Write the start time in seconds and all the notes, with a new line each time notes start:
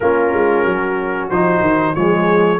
0.00 A#3 C#4 F4 A#4
0.32 G#3
0.65 F#3 F#4
1.29 F3 D#4 C5
1.61 D#3
1.95 F3 G#3 G#4 C#5